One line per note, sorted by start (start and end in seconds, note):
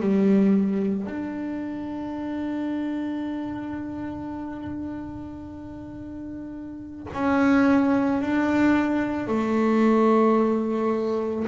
0.00 1.06 G3
1.06 7.06 D4
7.13 8.21 C#4
8.21 9.27 D4
9.27 11.45 A3